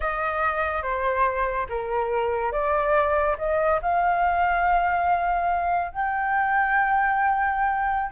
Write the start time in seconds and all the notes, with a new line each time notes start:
0.00 D#5
0.82 C5
1.69 A#4
2.52 D5
3.38 D#5
3.81 F5
5.91 G5